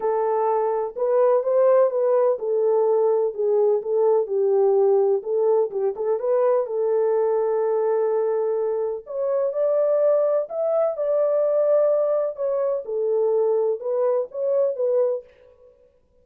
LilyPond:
\new Staff \with { instrumentName = "horn" } { \time 4/4 \tempo 4 = 126 a'2 b'4 c''4 | b'4 a'2 gis'4 | a'4 g'2 a'4 | g'8 a'8 b'4 a'2~ |
a'2. cis''4 | d''2 e''4 d''4~ | d''2 cis''4 a'4~ | a'4 b'4 cis''4 b'4 | }